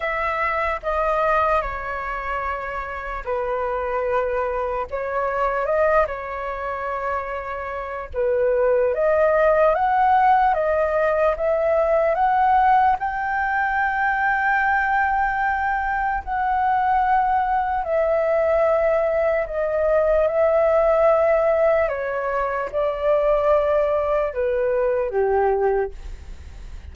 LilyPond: \new Staff \with { instrumentName = "flute" } { \time 4/4 \tempo 4 = 74 e''4 dis''4 cis''2 | b'2 cis''4 dis''8 cis''8~ | cis''2 b'4 dis''4 | fis''4 dis''4 e''4 fis''4 |
g''1 | fis''2 e''2 | dis''4 e''2 cis''4 | d''2 b'4 g'4 | }